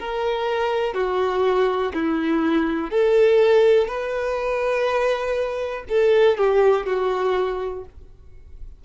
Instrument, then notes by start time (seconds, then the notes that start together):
violin
0.00 A#4
0.94 F#4
1.94 E4
2.91 A4
3.88 B4
5.89 A4
6.38 G4
6.87 F#4